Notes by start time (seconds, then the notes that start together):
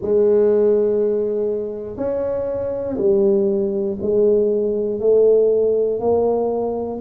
0.01 G#3
1.96 C#4
2.97 G3
4.01 G#3
5.00 A3
6.00 A#3